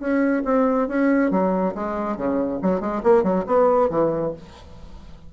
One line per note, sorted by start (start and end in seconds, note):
0.00 0.43 C#4
0.45 0.88 C4
0.88 1.31 C#4
1.31 1.74 F#3
1.75 2.17 G#3
2.17 2.60 C#3
2.62 2.81 F#3
2.81 3.02 G#3
3.04 3.24 A#3
3.24 3.45 F#3
3.47 3.90 B3
3.90 4.33 E3